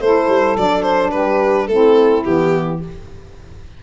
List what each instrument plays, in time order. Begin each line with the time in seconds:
0.00 tuba A3, saxophone E4 A4, violin C5
0.28 tuba G3
0.57 tuba F#3, saxophone D4, violin D5
0.82 violin C5
1.11 tuba G3, saxophone G4, violin B4
1.67 tuba A3, saxophone C4 E4, violin A4
2.24 tuba E3, saxophone B3, violin G4